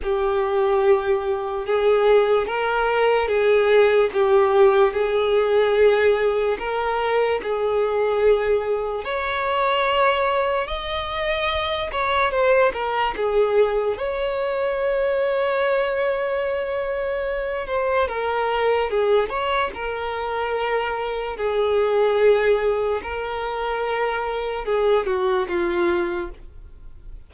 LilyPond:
\new Staff \with { instrumentName = "violin" } { \time 4/4 \tempo 4 = 73 g'2 gis'4 ais'4 | gis'4 g'4 gis'2 | ais'4 gis'2 cis''4~ | cis''4 dis''4. cis''8 c''8 ais'8 |
gis'4 cis''2.~ | cis''4. c''8 ais'4 gis'8 cis''8 | ais'2 gis'2 | ais'2 gis'8 fis'8 f'4 | }